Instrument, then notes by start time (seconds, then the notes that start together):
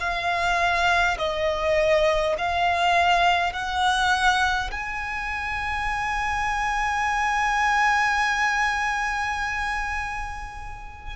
violin
0.00 F5
1.18 D#5
2.38 F5
3.53 F#5
4.71 G#5